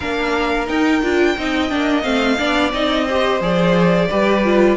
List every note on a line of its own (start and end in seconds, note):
0.00 0.69 A#3
0.00 0.66 D4
0.00 1.36 A#4
0.00 0.68 F5
0.66 1.00 D#4
0.66 1.02 D#4
0.66 2.02 G5
1.02 1.36 D4
1.02 1.36 F4
1.37 1.71 C4
1.37 1.69 D#4
1.37 2.39 D#5
1.69 2.05 A#3
1.69 2.02 D4
2.02 2.39 A3
2.02 2.36 C4
2.02 2.70 F5
2.38 2.73 B3
2.38 2.72 D4
2.38 3.05 D5
2.73 3.40 C4
2.73 3.07 D#4
2.73 3.41 D#5
3.05 3.41 G4
3.05 4.07 C5
3.40 4.08 F3
3.40 4.09 G#4
3.40 4.76 D5
4.09 4.76 G3
4.09 4.44 G4
4.09 4.76 B4
4.44 4.76 F4